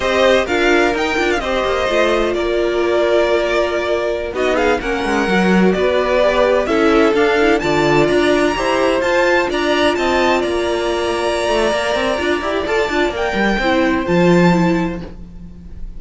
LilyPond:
<<
  \new Staff \with { instrumentName = "violin" } { \time 4/4 \tempo 4 = 128 dis''4 f''4 g''8. f''16 dis''4~ | dis''4 d''2.~ | d''4~ d''16 dis''8 f''8 fis''4.~ fis''16~ | fis''16 d''2 e''4 f''8.~ |
f''16 a''4 ais''2 a''8.~ | a''16 ais''4 a''4 ais''4.~ ais''16~ | ais''2. a''4 | g''2 a''2 | }
  \new Staff \with { instrumentName = "violin" } { \time 4/4 c''4 ais'2 c''4~ | c''4 ais'2.~ | ais'4~ ais'16 fis'8 gis'8 ais'4.~ ais'16~ | ais'16 b'2 a'4.~ a'16~ |
a'16 d''2 c''4.~ c''16~ | c''16 d''4 dis''4 d''4.~ d''16~ | d''1~ | d''4 c''2. | }
  \new Staff \with { instrumentName = "viola" } { \time 4/4 g'4 f'4 dis'8 f'8 g'4 | f'1~ | f'4~ f'16 dis'4 cis'4 fis'8.~ | fis'4~ fis'16 g'4 e'4 d'8 e'16~ |
e'16 f'2 g'4 f'8.~ | f'1~ | f'4 ais'4 f'8 g'8 a'8 f'8 | ais'4 e'4 f'4 e'4 | }
  \new Staff \with { instrumentName = "cello" } { \time 4/4 c'4 d'4 dis'8 d'8 c'8 ais8 | a4 ais2.~ | ais4~ ais16 b4 ais8 gis8 fis8.~ | fis16 b2 cis'4 d'8.~ |
d'16 d4 d'4 e'4 f'8.~ | f'16 d'4 c'4 ais4.~ ais16~ | ais8 a8 ais8 c'8 d'8 e'8 f'8 d'8 | ais8 g8 c'4 f2 | }
>>